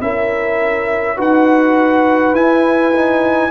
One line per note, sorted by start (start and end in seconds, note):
0.00 1.18 C#4
0.00 1.16 E4
0.00 1.17 A#4
0.00 1.18 E5
1.16 2.33 D#4
1.16 2.34 F#4
1.16 3.50 B4
1.16 2.35 F#5
2.33 3.50 E4
2.33 2.93 E4
2.33 3.50 G#5
2.93 3.50 D#4